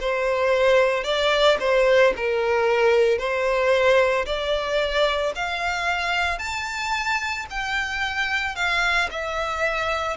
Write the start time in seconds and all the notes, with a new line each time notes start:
0.00 C5
1.04 D5
1.60 C5
2.16 A#4
3.18 C5
4.26 D5
5.35 F5
6.38 A5
7.50 G5
8.55 F5
9.10 E5